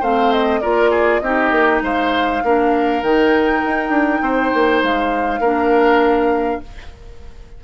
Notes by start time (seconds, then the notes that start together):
0.00 A3 C4 C5 F5
0.32 D#5
0.61 A#3 F4 A#4 D5
0.91 G#4
1.20 C4 D#4 G4 D#5
1.51 A#3
1.82 G#3 C5 F5
2.43 A#3 D4 A#4
3.02 D#3 D#4 G5
3.65 D#4
3.89 D4
4.22 C4 C5
4.53 A#3
4.82 G#3 F5
5.40 A#3 D4 A#4